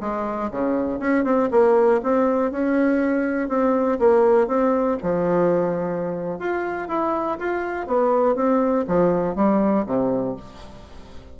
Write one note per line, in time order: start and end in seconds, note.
0.00 0.50 G#3
0.51 0.99 C#3
0.99 1.24 C#4
1.24 1.49 C4
1.51 2.01 A#3
2.03 2.51 C4
2.51 3.49 C#4
3.49 3.99 C4
3.99 4.47 A#3
4.47 4.97 C4
5.02 6.39 F3
6.39 6.88 F4
6.88 7.38 E4
7.39 7.87 F4
7.87 8.35 B3
8.35 8.85 C4
8.87 9.35 F3
9.35 9.85 G3
9.86 10.36 C3